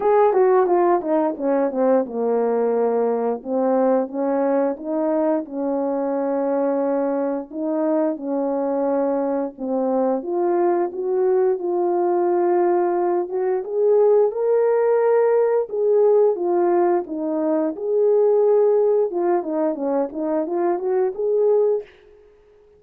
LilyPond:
\new Staff \with { instrumentName = "horn" } { \time 4/4 \tempo 4 = 88 gis'8 fis'8 f'8 dis'8 cis'8 c'8 ais4~ | ais4 c'4 cis'4 dis'4 | cis'2. dis'4 | cis'2 c'4 f'4 |
fis'4 f'2~ f'8 fis'8 | gis'4 ais'2 gis'4 | f'4 dis'4 gis'2 | f'8 dis'8 cis'8 dis'8 f'8 fis'8 gis'4 | }